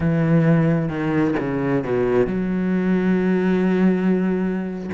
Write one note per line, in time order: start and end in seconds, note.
0.00 0.88 E3
0.88 1.34 D#3
1.39 1.84 C#3
1.84 2.27 B2
2.27 4.90 F#3